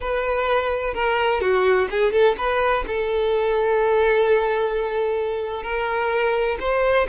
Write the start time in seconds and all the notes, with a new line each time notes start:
0.01 B4
0.93 A#4
1.40 F#4
1.90 G#4
2.12 A4
2.37 B4
2.87 A4
5.63 A#4
6.60 C5